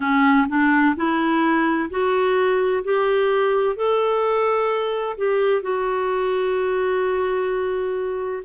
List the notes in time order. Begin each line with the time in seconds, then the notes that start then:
0.00 C#4
0.48 D4
0.95 E4
1.90 F#4
2.84 G4
3.76 A4
5.17 G4
5.62 F#4